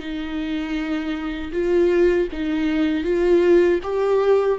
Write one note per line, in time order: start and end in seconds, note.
0.00 1.52 D#4
1.53 2.29 F4
2.33 3.04 D#4
3.04 3.80 F4
3.83 4.59 G4